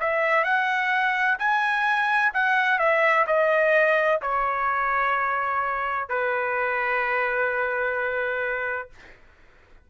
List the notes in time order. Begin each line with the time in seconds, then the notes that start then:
0.00 E5
0.44 F#5
1.38 G#5
2.33 F#5
2.78 E5
3.26 D#5
4.21 C#5
6.09 B4